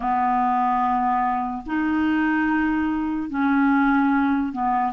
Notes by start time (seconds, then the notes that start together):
0.00 B3
1.66 D#4
3.29 C#4
4.52 B3